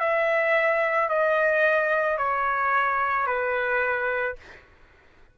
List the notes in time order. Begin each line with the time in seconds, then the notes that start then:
0.00 E5
1.09 D#5
2.18 C#5
3.27 B4